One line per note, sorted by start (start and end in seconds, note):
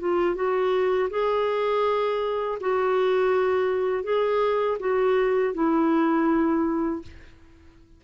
0.00 0.35 F4
0.35 1.09 F#4
1.10 2.59 G#4
2.61 4.04 F#4
4.04 4.78 G#4
4.80 5.54 F#4
5.54 7.02 E4